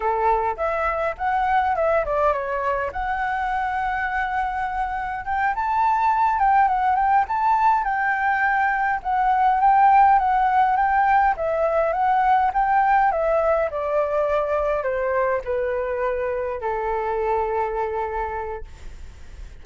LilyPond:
\new Staff \with { instrumentName = "flute" } { \time 4/4 \tempo 4 = 103 a'4 e''4 fis''4 e''8 d''8 | cis''4 fis''2.~ | fis''4 g''8 a''4. g''8 fis''8 | g''8 a''4 g''2 fis''8~ |
fis''8 g''4 fis''4 g''4 e''8~ | e''8 fis''4 g''4 e''4 d''8~ | d''4. c''4 b'4.~ | b'8 a'2.~ a'8 | }